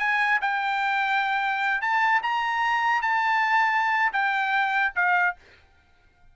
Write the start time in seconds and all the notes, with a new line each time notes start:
0.00 G#5
0.42 G5
1.82 A5
2.23 A#5
3.02 A5
4.13 G5
4.96 F5